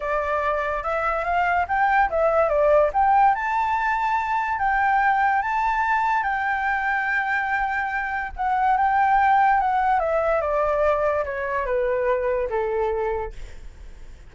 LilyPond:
\new Staff \with { instrumentName = "flute" } { \time 4/4 \tempo 4 = 144 d''2 e''4 f''4 | g''4 e''4 d''4 g''4 | a''2. g''4~ | g''4 a''2 g''4~ |
g''1 | fis''4 g''2 fis''4 | e''4 d''2 cis''4 | b'2 a'2 | }